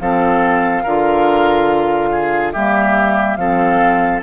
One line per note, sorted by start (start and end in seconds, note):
0.00 0.85 F3
0.00 0.85 C4
0.00 0.83 A4
0.00 2.53 F5
0.83 2.54 D3
0.83 2.55 F4
0.83 2.10 A#4
2.12 2.53 G#4
2.53 3.37 G3
2.53 3.39 A#3
2.53 3.37 G4
2.53 3.36 E5
3.36 4.21 F3
3.36 4.23 C4
3.36 4.23 A4
3.36 4.21 F5